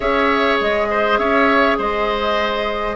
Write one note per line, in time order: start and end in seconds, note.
0.00 0.60 C#4
0.00 2.95 G#4
0.00 0.87 C#5
0.00 0.59 E5
0.60 1.18 G#3
0.60 1.17 D#5
0.90 1.19 C5
1.17 1.77 C#4
1.17 1.78 C#5
1.17 1.77 E5
1.78 2.95 G#3
1.78 2.95 C5
1.78 2.95 D#5